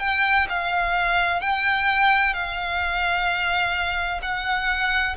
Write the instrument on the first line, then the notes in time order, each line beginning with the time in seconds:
violin
0.00 G5
0.49 F5
1.41 G5
2.34 F5
4.22 F#5